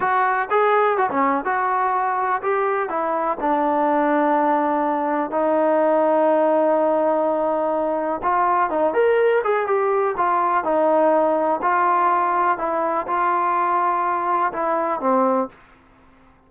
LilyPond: \new Staff \with { instrumentName = "trombone" } { \time 4/4 \tempo 4 = 124 fis'4 gis'4 fis'16 cis'8. fis'4~ | fis'4 g'4 e'4 d'4~ | d'2. dis'4~ | dis'1~ |
dis'4 f'4 dis'8 ais'4 gis'8 | g'4 f'4 dis'2 | f'2 e'4 f'4~ | f'2 e'4 c'4 | }